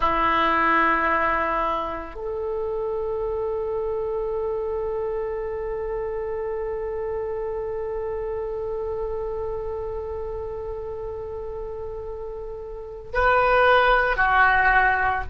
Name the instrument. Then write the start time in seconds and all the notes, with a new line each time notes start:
oboe
0.00 E4
2.14 A4
13.13 B4
14.16 F#4